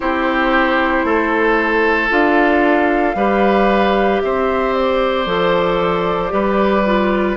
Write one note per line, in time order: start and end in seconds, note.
0.00 1.04 C4
0.00 2.09 E4
0.00 1.05 G4
0.00 2.09 C5
1.04 2.09 A3
1.04 3.16 A4
2.09 3.15 D4
2.09 3.14 F4
2.09 4.21 F5
3.15 4.20 G3
3.15 5.26 G4
3.15 4.21 B4
4.21 5.25 C4
4.21 6.33 C5
4.21 4.73 E5
4.73 7.36 D5
5.25 6.31 F3
5.25 6.29 A4
6.29 7.36 G3
6.29 6.82 G4
6.29 7.36 B4
6.86 7.36 F4